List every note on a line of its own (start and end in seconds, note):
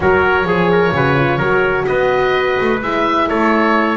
0.00 0.44 F#3
0.00 0.45 F#4
0.00 0.47 A#4
0.00 1.86 C#5
0.44 0.91 F3
0.44 0.92 G#4
0.44 0.71 G#4
0.71 0.95 A#4
0.92 1.38 C#3
0.92 1.16 F#4
0.92 1.37 B4
1.16 1.39 F4
1.37 1.85 F#3
1.37 2.82 F#4
1.37 1.84 A#4
1.86 2.58 B3
1.86 3.28 B4
1.86 2.80 D#5
2.60 2.82 A3
2.82 3.29 G#3
2.82 3.96 E4
2.82 3.28 E5
3.28 3.96 A3
3.28 3.96 A4
3.28 3.96 C#5